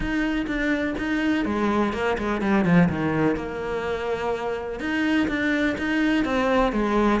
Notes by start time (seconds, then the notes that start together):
0.00 D#4
0.46 D4
0.98 D#4
1.45 G#3
1.93 A#3
2.18 G#3
2.41 G3
2.64 F3
2.89 D#3
3.36 A#3
4.79 D#4
5.28 D4
5.78 D#4
6.24 C4
6.72 G#3